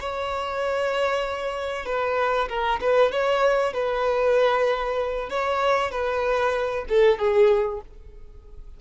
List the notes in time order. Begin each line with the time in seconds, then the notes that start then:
0.00 C#5
1.86 B4
2.49 A#4
2.81 B4
3.12 C#5
3.73 B4
5.30 C#5
5.91 B4
6.89 A4
7.18 G#4